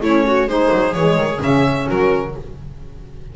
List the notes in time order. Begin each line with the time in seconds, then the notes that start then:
0.00 A3 C#4 E4 C#5
0.27 F#4
0.46 G#3 D#4 G#4 C5
0.71 F#3
0.93 E3 G#3 C#5
1.17 D#3
1.39 C#3 C#4 E5
1.86 F#3 F#4 A#4